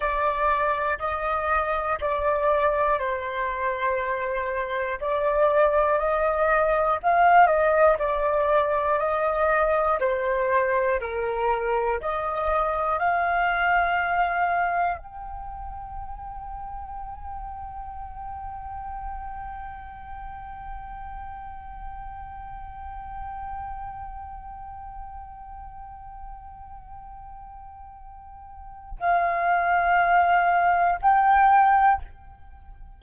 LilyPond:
\new Staff \with { instrumentName = "flute" } { \time 4/4 \tempo 4 = 60 d''4 dis''4 d''4 c''4~ | c''4 d''4 dis''4 f''8 dis''8 | d''4 dis''4 c''4 ais'4 | dis''4 f''2 g''4~ |
g''1~ | g''1~ | g''1~ | g''4 f''2 g''4 | }